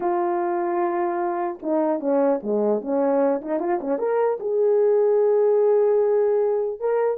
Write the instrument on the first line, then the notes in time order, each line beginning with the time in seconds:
horn
0.00 F4
1.62 D#4
2.00 C#4
2.42 G#3
2.81 C#4
3.41 D#4
3.59 F4
3.80 C#4
3.98 A#4
4.40 G#4
6.79 A#4